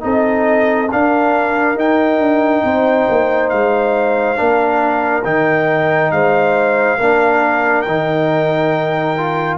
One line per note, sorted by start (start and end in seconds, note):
0.00 0.91 C4
0.00 0.87 D#4
0.00 0.91 A4
0.00 0.90 D#5
0.91 1.76 D4
0.91 1.75 D4
0.91 2.64 A#4
0.91 1.78 F5
1.75 2.18 D#4
1.75 4.35 D#4
1.75 3.49 G5
2.18 2.62 D4
2.64 3.07 C4
2.64 4.38 C5
3.09 3.52 A#3
3.49 4.39 G#3
3.49 5.23 F5
4.35 5.24 A#3
4.35 5.22 D4
4.35 6.12 A#4
5.24 6.11 D#3
5.24 6.98 D#4
5.24 6.11 G5
6.11 6.98 G#3
6.11 6.97 C5
6.11 7.82 F5
6.97 7.86 A#3
6.97 7.86 D4
6.97 9.57 A#4
7.82 9.57 D#3
7.82 9.55 G5
7.88 9.17 D#4
9.17 9.57 F4